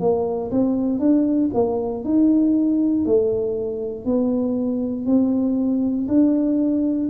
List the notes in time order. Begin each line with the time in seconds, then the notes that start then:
0.00 A#3
0.51 C4
0.99 D4
1.53 A#3
2.04 D#4
3.06 A3
4.05 B3
5.06 C4
6.08 D4